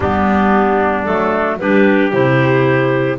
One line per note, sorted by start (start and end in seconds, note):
0.00 1.06 G3
0.00 1.06 B3
0.00 1.59 D4
0.00 1.04 G4
1.04 1.60 F#3
1.04 1.59 A3
1.04 1.57 A4
1.58 2.13 G3
1.58 2.12 D4
1.58 3.18 G4
1.58 2.11 B4
2.12 3.18 C3
2.12 3.18 E4
2.12 3.18 C5